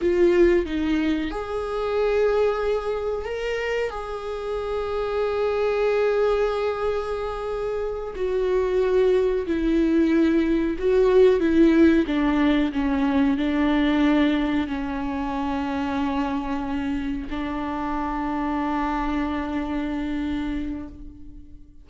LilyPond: \new Staff \with { instrumentName = "viola" } { \time 4/4 \tempo 4 = 92 f'4 dis'4 gis'2~ | gis'4 ais'4 gis'2~ | gis'1~ | gis'8 fis'2 e'4.~ |
e'8 fis'4 e'4 d'4 cis'8~ | cis'8 d'2 cis'4.~ | cis'2~ cis'8 d'4.~ | d'1 | }